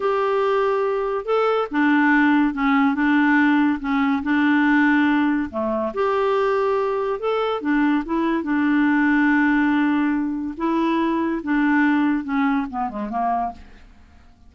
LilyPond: \new Staff \with { instrumentName = "clarinet" } { \time 4/4 \tempo 4 = 142 g'2. a'4 | d'2 cis'4 d'4~ | d'4 cis'4 d'2~ | d'4 a4 g'2~ |
g'4 a'4 d'4 e'4 | d'1~ | d'4 e'2 d'4~ | d'4 cis'4 b8 gis8 ais4 | }